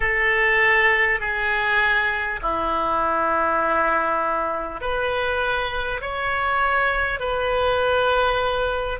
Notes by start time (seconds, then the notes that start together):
0.00 A4
1.20 G#4
2.42 E4
4.81 B4
6.01 C#5
7.19 B4